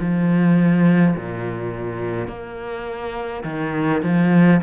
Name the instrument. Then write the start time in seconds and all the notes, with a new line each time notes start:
cello
0.00 F3
1.16 A#2
2.28 A#3
3.44 D#3
4.03 F3